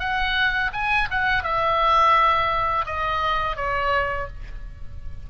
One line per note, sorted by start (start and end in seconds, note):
0.00 0.71 F#5
0.73 1.09 G#5
1.11 1.44 F#5
1.44 2.86 E5
2.86 3.56 D#5
3.56 4.28 C#5